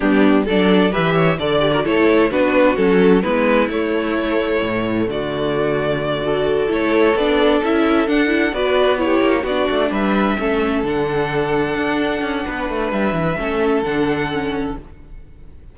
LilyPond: <<
  \new Staff \with { instrumentName = "violin" } { \time 4/4 \tempo 4 = 130 g'4 d''4 e''4 d''4 | cis''4 b'4 a'4 b'4 | cis''2. d''4~ | d''2~ d''8 cis''4 d''8~ |
d''8 e''4 fis''4 d''4 cis''8~ | cis''8 d''4 e''2 fis''8~ | fis''1 | e''2 fis''2 | }
  \new Staff \with { instrumentName = "violin" } { \time 4/4 d'4 a'4 b'8 cis''8 d''8. ais'16 | a'4 fis'2 e'4~ | e'2. fis'4~ | fis'4. a'2~ a'8~ |
a'2~ a'8 b'4 g'8~ | g'8 fis'4 b'4 a'4.~ | a'2. b'4~ | b'4 a'2. | }
  \new Staff \with { instrumentName = "viola" } { \time 4/4 b4 d'4 g'4 a'8 g'16 fis'16 | e'4 d'4 cis'4 b4 | a1~ | a4. fis'4 e'4 d'8~ |
d'8 e'4 d'8 e'8 fis'4 e'8~ | e'8 d'2 cis'4 d'8~ | d'1~ | d'4 cis'4 d'4 cis'4 | }
  \new Staff \with { instrumentName = "cello" } { \time 4/4 g4 fis4 e4 d4 | a4 b4 fis4 gis4 | a2 a,4 d4~ | d2~ d8 a4 b8~ |
b8 cis'4 d'4 b4. | ais8 b8 a8 g4 a4 d8~ | d4. d'4 cis'8 b8 a8 | g8 e8 a4 d2 | }
>>